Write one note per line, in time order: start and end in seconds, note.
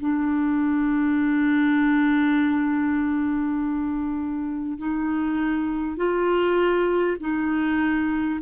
0.00 4.78 D4
4.78 5.97 D#4
5.97 7.17 F4
7.20 8.40 D#4